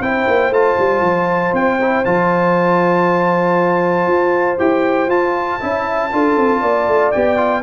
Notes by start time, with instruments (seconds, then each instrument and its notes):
0.00 tuba C4, trombone E4, horn C5, trumpet G5
0.27 tuba A#3
0.50 tuba A3, trombone F4, trumpet A5
0.79 tuba G3
1.01 tuba F3
1.53 tuba C4, trumpet G5
1.81 trombone E4
2.05 tuba F3, trombone F4, trumpet A5
4.07 tuba F4
4.59 tuba E4, trombone G4, trumpet G5
5.07 tuba F4, trombone F4, trumpet A5
5.60 tuba C#4, trombone E4, horn E5
6.12 tuba D4, trombone F4, horn A4
6.36 tuba C4
6.61 tuba A#3, horn D5
6.87 tuba A3
7.11 tuba B3, trombone G4, trumpet G5
7.37 trombone F4